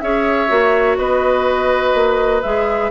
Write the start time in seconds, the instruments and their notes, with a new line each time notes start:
0.00 bassoon C#4, clarinet G#4, oboe C#5, flute E5
0.48 bassoon A#3, clarinet F#4
0.97 bassoon B3, oboe B4, flute D#5
1.94 bassoon A#3
2.42 bassoon G#3, clarinet G#4, flute E5